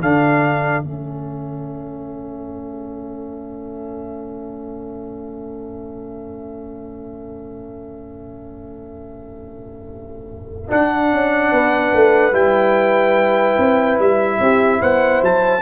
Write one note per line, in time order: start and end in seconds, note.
0.00 0.84 D3
0.00 0.83 D4
0.00 11.51 A4
0.00 0.84 F5
0.83 10.70 A3
0.83 10.68 C#4
0.83 10.71 E5
10.68 12.32 D4
10.68 11.12 D4
10.68 12.35 F#5
11.12 11.52 C#4
11.52 11.93 B3
11.52 14.39 B4
11.93 12.32 A3
12.32 13.55 G3
12.32 15.61 E4
12.32 13.99 G5
13.58 13.99 C4
13.99 14.40 G3
13.99 14.82 E5
14.40 14.81 C4
14.40 14.80 G4
14.80 15.21 B3
14.80 15.61 C5
14.80 15.23 F#5
15.21 15.61 F#3
15.21 15.61 A5